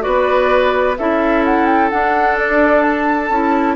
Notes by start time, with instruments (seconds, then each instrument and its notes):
0.00 bassoon B3, clarinet F#4, oboe B4, flute D5
0.97 bassoon C#4, clarinet E4, oboe A4, flute E5
1.45 flute F#5
1.66 flute G5
1.90 clarinet D4, bassoon D4, flute F#5
2.37 flute D5
2.82 flute A5
3.29 bassoon C#4, clarinet E4